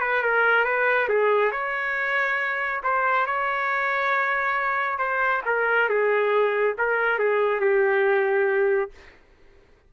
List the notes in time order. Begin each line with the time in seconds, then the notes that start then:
0.00 B4
0.22 A#4
0.64 B4
1.08 G#4
1.51 C#5
2.83 C5
3.26 C#5
4.98 C5
5.45 A#4
5.89 G#4
6.77 A#4
7.18 G#4
7.60 G4